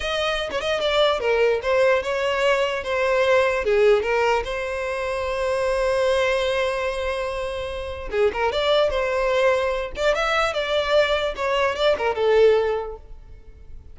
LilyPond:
\new Staff \with { instrumentName = "violin" } { \time 4/4 \tempo 4 = 148 dis''4~ dis''16 cis''16 dis''8 d''4 ais'4 | c''4 cis''2 c''4~ | c''4 gis'4 ais'4 c''4~ | c''1~ |
c''1 | gis'8 ais'8 d''4 c''2~ | c''8 d''8 e''4 d''2 | cis''4 d''8 ais'8 a'2 | }